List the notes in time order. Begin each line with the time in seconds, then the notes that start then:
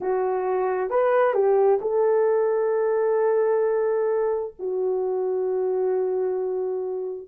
0.00 F#4
0.90 B4
1.33 G4
1.81 A4
4.59 F#4